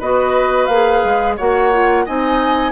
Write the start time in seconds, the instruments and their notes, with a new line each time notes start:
0.00 bassoon B3, clarinet F#4, oboe B4, flute D#5
0.66 bassoon A#3, clarinet G#4, flute F5
1.05 bassoon G#3
1.37 bassoon A#3, clarinet F#4, oboe C#5, flute F#5
1.73 clarinet F4
2.06 bassoon C4, clarinet D#4, oboe D#5, flute G#5